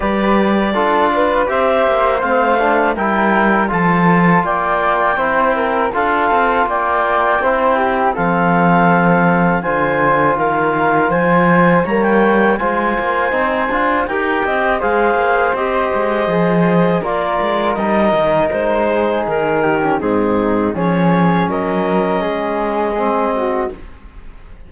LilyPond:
<<
  \new Staff \with { instrumentName = "clarinet" } { \time 4/4 \tempo 4 = 81 d''2 e''4 f''4 | g''4 a''4 g''2 | f''4 g''2 f''4~ | f''4 gis''4 f''4 gis''4 |
ais''16 g''8. gis''2 g''4 | f''4 dis''2 d''4 | dis''4 c''4 ais'4 gis'4 | cis''4 dis''2. | }
  \new Staff \with { instrumentName = "flute" } { \time 4/4 b'4 a'8 b'8 c''2 | ais'4 a'4 d''4 c''8 ais'8 | a'4 d''4 c''8 g'8 a'4~ | a'4 c''4 ais'4 c''4 |
cis''4 c''2 ais'8 dis''8 | c''2. ais'4~ | ais'4. gis'4 g'8 dis'4 | gis'4 ais'4 gis'4. fis'8 | }
  \new Staff \with { instrumentName = "trombone" } { \time 4/4 g'4 f'4 g'4 c'8 d'8 | e'4 f'2 e'4 | f'2 e'4 c'4~ | c'4 f'2. |
ais4 f'4 dis'8 f'8 g'4 | gis'4 g'4 gis'4 f'4 | dis'2~ dis'8. cis'16 c'4 | cis'2. c'4 | }
  \new Staff \with { instrumentName = "cello" } { \time 4/4 g4 d'4 c'8 ais8 a4 | g4 f4 ais4 c'4 | d'8 c'8 ais4 c'4 f4~ | f4 d4 dis4 f4 |
g4 gis8 ais8 c'8 d'8 dis'8 c'8 | gis8 ais8 c'8 gis8 f4 ais8 gis8 | g8 dis8 gis4 dis4 gis,4 | f4 fis4 gis2 | }
>>